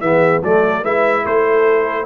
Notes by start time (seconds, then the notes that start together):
0.00 E3 B3 G#4 E5
0.42 F#3 A3 A4 D5
0.82 G#3 E4 B4 E5
1.24 A3 A4 C5